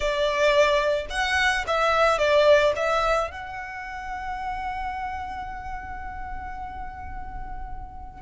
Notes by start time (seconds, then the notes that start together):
0.00 D5
1.10 F#5
1.67 E5
2.18 D5
2.76 E5
3.30 F#5